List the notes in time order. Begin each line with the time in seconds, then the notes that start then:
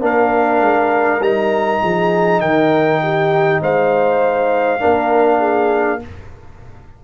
0.00 A#3 D4 A#4 F5
0.60 G#3
1.20 G3 D#4 A#5
1.82 F3 G#4
2.40 D#3 A#4 G5
3.02 G4
3.61 G#3 C5 F5
4.79 A#3 D4 A#4
5.39 G#4